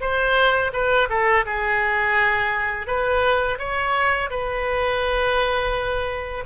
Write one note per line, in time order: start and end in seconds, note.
0.00 0.71 C5
0.72 1.08 B4
1.09 1.45 A4
1.45 2.87 G#4
2.87 3.58 B4
3.58 4.30 C#5
4.30 6.44 B4